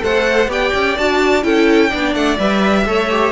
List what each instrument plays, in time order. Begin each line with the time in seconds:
0.00 cello A3, viola A4, violin C5 F#5
0.48 cello B3, viola G4, violin D5 G5
0.75 cello C#4
0.98 cello D4, viola F#4, violin A5
1.43 cello C#4, viola E4, violin A4 G5
1.90 cello B3, viola D4, violin D5
2.14 cello A3, violin F#5
2.38 cello G3, viola B4, violin E5
2.86 cello A3, viola A4, violin C#5
3.10 viola G4